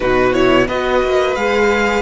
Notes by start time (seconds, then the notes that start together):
0.00 B2 D#4 F#4 B4
0.32 E4 C#5
0.68 B3 F#4 B4 D#5
1.03 A#3
1.35 G#3 G#4 F5